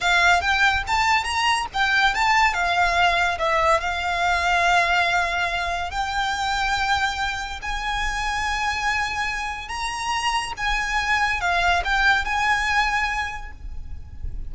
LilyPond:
\new Staff \with { instrumentName = "violin" } { \time 4/4 \tempo 4 = 142 f''4 g''4 a''4 ais''4 | g''4 a''4 f''2 | e''4 f''2.~ | f''2 g''2~ |
g''2 gis''2~ | gis''2. ais''4~ | ais''4 gis''2 f''4 | g''4 gis''2. | }